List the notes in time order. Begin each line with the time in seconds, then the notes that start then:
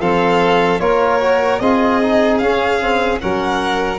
0.00 F3 C4 A4 F5
0.80 A#3 F4 A#4 C#5
1.21 F#4
1.60 C4 F4 G#4 D#5
2.02 D#4
2.38 C#4 F5
2.80 C4
3.20 F#3 C#4 A#4 F#5